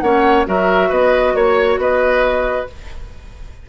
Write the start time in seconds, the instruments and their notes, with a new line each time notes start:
0.00 bassoon A#3, clarinet C#4, oboe C#5, flute F#5
0.47 bassoon F#3, clarinet F#4, oboe A#4, flute E5
0.89 bassoon B3, oboe B4, flute D#5
1.34 bassoon A#3, flute C#5, oboe C#5
1.77 bassoon B3, oboe B4, flute D#5